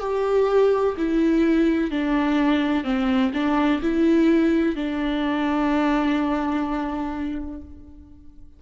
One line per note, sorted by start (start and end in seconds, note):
0.00 0.95 G4
0.97 1.90 E4
1.90 2.84 D4
2.84 3.31 C4
3.33 3.81 D4
3.82 4.75 E4
4.75 7.61 D4